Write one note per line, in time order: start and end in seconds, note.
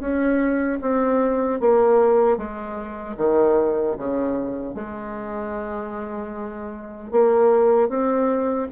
0.00 0.79 C#4
0.82 1.60 C4
1.60 2.38 A#3
2.38 3.17 G#3
3.17 3.96 D#3
3.98 4.75 C#3
4.75 7.12 G#3
7.12 7.89 A#3
7.89 8.68 C4